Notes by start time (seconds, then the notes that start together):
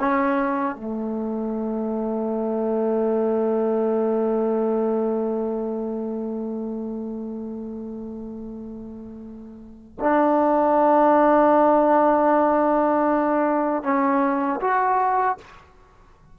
0.00 C#4
0.76 A3
10.01 D4
13.84 C#4
14.62 F#4